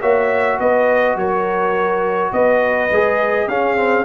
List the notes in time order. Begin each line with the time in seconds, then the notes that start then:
0.00 A#3 F#4 C#5 E5
0.59 B3 B4 D#5
1.15 F#3 A#4 C#5
2.32 B3 B4 D#5
2.90 G#3 G#4
3.47 C#4 G#4 F5
3.76 C4